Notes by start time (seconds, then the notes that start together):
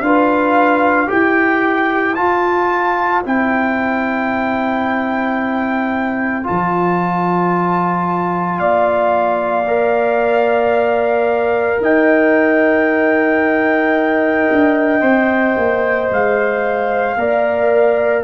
0.00 D4 F4 B4 F5
1.07 E4 G4 C5 G5
2.15 F4 A5
3.23 C4 E4 G5
6.43 F4 A5
6.50 F3
8.58 A#3 D5 F5
9.67 A#4
11.80 D#4 D#5 G5
14.52 D4
15.00 C4 C5
15.56 A#3
16.10 G#3 F5
17.15 A#3 A#4 D5